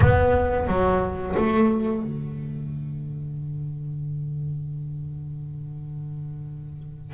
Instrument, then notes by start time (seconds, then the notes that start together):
double bass
0.00 B3
0.67 F#3
1.36 A3
2.03 D3